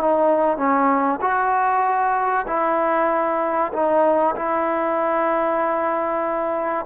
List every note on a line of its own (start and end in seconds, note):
0.00 0.57 D#4
0.57 1.19 C#4
1.21 2.46 F#4
2.47 3.72 E4
3.72 4.35 D#4
4.35 6.85 E4